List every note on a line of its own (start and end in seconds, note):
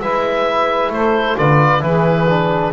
0.00 0.89 G#3
0.00 1.37 E4
0.00 0.92 B4
0.00 0.92 E5
0.89 1.35 A3
0.89 1.37 A4
0.89 1.38 C5
1.37 1.82 D3
1.37 1.80 F4
1.37 1.83 B4
1.37 1.83 D5
1.80 2.73 E3
1.80 2.25 E4
1.80 2.73 G#4
1.80 2.73 B4
2.29 2.73 D4